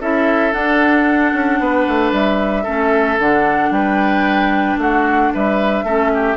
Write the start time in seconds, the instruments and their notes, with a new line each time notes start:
0.00 bassoon C#4, clarinet E4, oboe A4, flute E5
0.52 clarinet D4, bassoon D4, flute F#5
1.33 bassoon C#4
1.59 bassoon B3, oboe B4
1.88 bassoon A3
2.12 bassoon G3, flute E5
2.63 bassoon A3, clarinet C#4, oboe A4
3.18 bassoon D3, clarinet D4, flute F#5
3.70 bassoon G3, oboe B4, flute G5
4.77 bassoon A3, oboe F#4, flute F#5
5.33 bassoon G3, oboe B4, flute E5
5.83 bassoon A3, clarinet C#4, oboe A4
6.14 oboe G4